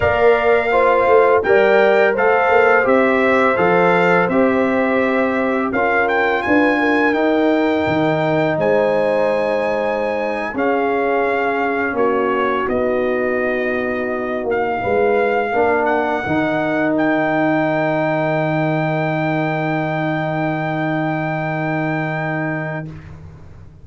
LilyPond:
<<
  \new Staff \with { instrumentName = "trumpet" } { \time 4/4 \tempo 4 = 84 f''2 g''4 f''4 | e''4 f''4 e''2 | f''8 g''8 gis''4 g''2 | gis''2~ gis''8. f''4~ f''16~ |
f''8. cis''4 dis''2~ dis''16~ | dis''16 f''2 fis''4. g''16~ | g''1~ | g''1 | }
  \new Staff \with { instrumentName = "horn" } { \time 4/4 d''4 c''4 d''4 c''4~ | c''1 | ais'4 b'8 ais'2~ ais'8 | c''2~ c''8. gis'4~ gis'16~ |
gis'8. fis'2.~ fis'16~ | fis'8. b'4 ais'2~ ais'16~ | ais'1~ | ais'1 | }
  \new Staff \with { instrumentName = "trombone" } { \time 4/4 ais'4 f'4 ais'4 a'4 | g'4 a'4 g'2 | f'2 dis'2~ | dis'2~ dis'8. cis'4~ cis'16~ |
cis'4.~ cis'16 dis'2~ dis'16~ | dis'4.~ dis'16 d'4 dis'4~ dis'16~ | dis'1~ | dis'1 | }
  \new Staff \with { instrumentName = "tuba" } { \time 4/4 ais4. a8 g4 a8 ais8 | c'4 f4 c'2 | cis'4 d'4 dis'4 dis4 | gis2~ gis8. cis'4~ cis'16~ |
cis'8. ais4 b2~ b16~ | b16 ais8 gis4 ais4 dis4~ dis16~ | dis1~ | dis1 | }
>>